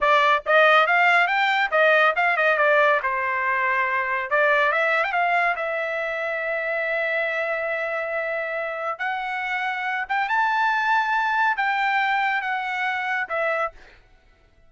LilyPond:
\new Staff \with { instrumentName = "trumpet" } { \time 4/4 \tempo 4 = 140 d''4 dis''4 f''4 g''4 | dis''4 f''8 dis''8 d''4 c''4~ | c''2 d''4 e''8. g''16 | f''4 e''2.~ |
e''1~ | e''4 fis''2~ fis''8 g''8 | a''2. g''4~ | g''4 fis''2 e''4 | }